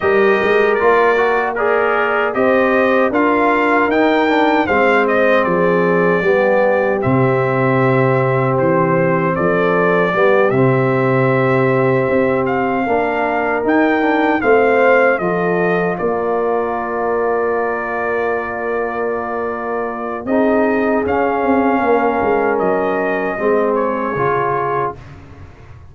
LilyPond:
<<
  \new Staff \with { instrumentName = "trumpet" } { \time 4/4 \tempo 4 = 77 dis''4 d''4 ais'4 dis''4 | f''4 g''4 f''8 dis''8 d''4~ | d''4 e''2 c''4 | d''4. e''2~ e''8 |
f''4. g''4 f''4 dis''8~ | dis''8 d''2.~ d''8~ | d''2 dis''4 f''4~ | f''4 dis''4. cis''4. | }
  \new Staff \with { instrumentName = "horn" } { \time 4/4 ais'2 d''4 c''4 | ais'2 c''4 gis'4 | g'1 | a'4 g'2.~ |
g'8 ais'2 c''4 a'8~ | a'8 ais'2.~ ais'8~ | ais'2 gis'2 | ais'2 gis'2 | }
  \new Staff \with { instrumentName = "trombone" } { \time 4/4 g'4 f'8 fis'8 gis'4 g'4 | f'4 dis'8 d'8 c'2 | b4 c'2.~ | c'4 b8 c'2~ c'8~ |
c'8 d'4 dis'8 d'8 c'4 f'8~ | f'1~ | f'2 dis'4 cis'4~ | cis'2 c'4 f'4 | }
  \new Staff \with { instrumentName = "tuba" } { \time 4/4 g8 gis8 ais2 c'4 | d'4 dis'4 gis4 f4 | g4 c2 e4 | f4 g8 c2 c'8~ |
c'8 ais4 dis'4 a4 f8~ | f8 ais2.~ ais8~ | ais2 c'4 cis'8 c'8 | ais8 gis8 fis4 gis4 cis4 | }
>>